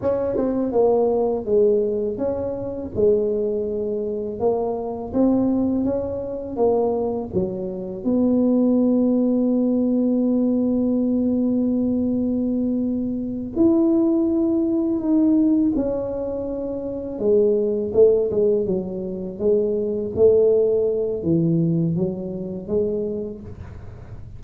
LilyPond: \new Staff \with { instrumentName = "tuba" } { \time 4/4 \tempo 4 = 82 cis'8 c'8 ais4 gis4 cis'4 | gis2 ais4 c'4 | cis'4 ais4 fis4 b4~ | b1~ |
b2~ b8 e'4.~ | e'8 dis'4 cis'2 gis8~ | gis8 a8 gis8 fis4 gis4 a8~ | a4 e4 fis4 gis4 | }